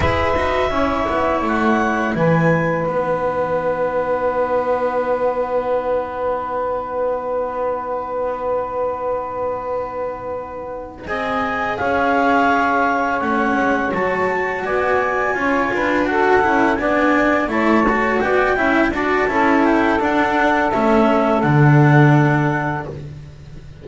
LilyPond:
<<
  \new Staff \with { instrumentName = "clarinet" } { \time 4/4 \tempo 4 = 84 e''2 fis''4 gis''4 | fis''1~ | fis''1~ | fis''2.~ fis''8 gis''8~ |
gis''8 f''2 fis''4 a''8~ | a''8 gis''2 fis''4 gis''8~ | gis''8 a''4 g''4 a''4 g''8 | fis''4 e''4 fis''2 | }
  \new Staff \with { instrumentName = "saxophone" } { \time 4/4 b'4 cis''2 b'4~ | b'1~ | b'1~ | b'2.~ b'8 dis''8~ |
dis''8 cis''2.~ cis''8~ | cis''8 d''4 cis''8 b'8 a'4 d''8~ | d''8 cis''4 d''8 e''8 d''8 a'4~ | a'1 | }
  \new Staff \with { instrumentName = "cello" } { \time 4/4 gis'8 fis'8 e'2. | dis'1~ | dis'1~ | dis'2.~ dis'8 gis'8~ |
gis'2~ gis'8 cis'4 fis'8~ | fis'4. f'4 fis'8 e'8 d'8~ | d'8 e'8 fis'4 e'8 fis'8 e'4 | d'4 cis'4 d'2 | }
  \new Staff \with { instrumentName = "double bass" } { \time 4/4 e'8 dis'8 cis'8 b8 a4 e4 | b1~ | b1~ | b2.~ b8 c'8~ |
c'8 cis'2 a8 gis8 fis8~ | fis8 b4 cis'8 d'4 cis'8 b8~ | b8 a4 b8 cis'8 d'8 cis'4 | d'4 a4 d2 | }
>>